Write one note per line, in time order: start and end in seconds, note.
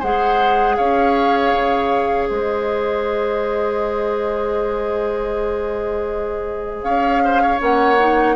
0.00 0.79 G#3
0.00 7.59 G#4
0.00 0.76 C5
0.00 0.77 F#5
0.77 1.53 C#4
0.77 2.29 C#5
0.77 2.28 F5
1.53 2.29 C#3
2.28 6.83 G#3
2.28 6.84 C5
2.28 6.84 D#5
6.83 7.59 C#4
6.83 7.22 C#5
6.83 7.59 F5
7.25 7.42 C5
7.42 8.36 C#5
7.59 8.36 A#3
7.59 7.97 C#4
7.59 8.36 F#5
8.00 8.36 D#4